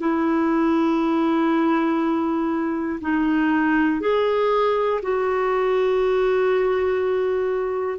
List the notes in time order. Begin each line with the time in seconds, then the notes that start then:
0.00 E4
3.01 D#4
4.01 G#4
5.02 F#4